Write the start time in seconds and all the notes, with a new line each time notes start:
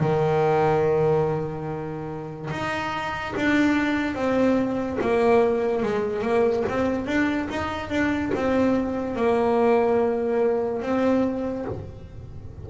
0.00 D#3
2.50 D#4
3.36 D4
4.15 C4
5.01 A#3
5.83 G#3
6.22 A#3
6.69 C4
7.06 D4
7.50 D#4
7.89 D4
8.35 C4
9.16 A#3
10.82 C4